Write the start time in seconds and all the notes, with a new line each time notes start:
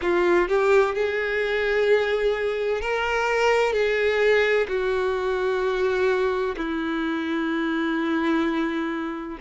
0.01 F4
0.48 G4
0.94 G#4
2.81 A#4
3.72 G#4
4.67 F#4
6.56 E4